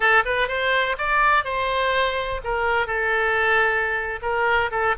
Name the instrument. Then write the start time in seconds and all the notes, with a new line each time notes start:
oboe
0.00 A4
0.25 B4
0.48 C5
0.97 D5
1.44 C5
2.44 A#4
2.87 A4
4.22 A#4
4.71 A4